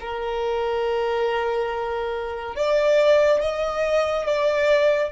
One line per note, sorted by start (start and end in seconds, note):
0.00 2.55 A#4
2.55 3.41 D5
3.41 4.26 D#5
4.26 5.12 D5